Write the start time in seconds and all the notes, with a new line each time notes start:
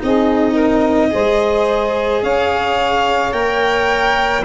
0.00 C4 D#4 G#4 D#5
0.53 A#4
1.11 G#3 G#4 C5
2.23 C#4 C#5 F5
3.32 A#3 A#4 G5